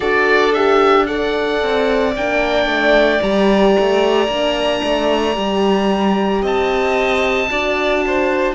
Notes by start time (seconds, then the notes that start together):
0.00 D4 F#4 A4 D5
0.53 G4 E5
1.06 A4 D5 F#5
1.62 C4
2.16 A#3 D4 G5
2.66 A3
3.21 G3 G4 A#5
3.79 A3
4.27 A#3 D4
4.83 A3
5.33 G3 G4
6.42 C4 D#5 A5
7.49 D4 F#4 D5
8.06 C5